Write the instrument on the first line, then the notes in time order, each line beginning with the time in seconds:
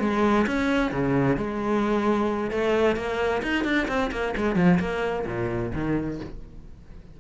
cello
0.00 G#3
0.47 C#4
0.92 C#3
1.37 G#3
2.51 A3
2.96 A#3
3.42 D#4
3.64 D4
3.88 C4
4.12 A#3
4.37 G#3
4.56 F3
4.80 A#3
5.27 A#2
5.74 D#3